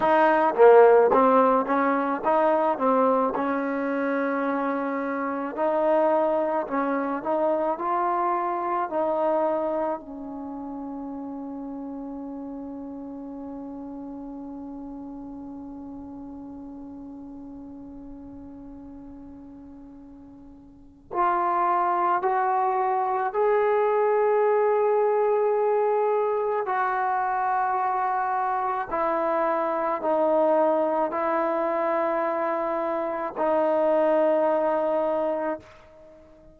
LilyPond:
\new Staff \with { instrumentName = "trombone" } { \time 4/4 \tempo 4 = 54 dis'8 ais8 c'8 cis'8 dis'8 c'8 cis'4~ | cis'4 dis'4 cis'8 dis'8 f'4 | dis'4 cis'2.~ | cis'1~ |
cis'2. f'4 | fis'4 gis'2. | fis'2 e'4 dis'4 | e'2 dis'2 | }